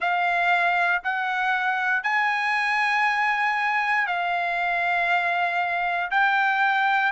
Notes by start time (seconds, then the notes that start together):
0.00 F5
1.03 F#5
2.03 G#5
4.07 F5
6.10 G5